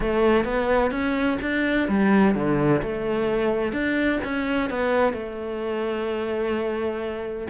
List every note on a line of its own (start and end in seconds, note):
0.00 0.44 A3
0.44 0.91 B3
0.91 1.38 C#4
1.41 1.88 D4
1.88 2.34 G3
2.34 2.81 D3
2.82 3.72 A3
3.72 4.19 D4
4.24 4.69 C#4
4.69 5.13 B3
5.13 7.47 A3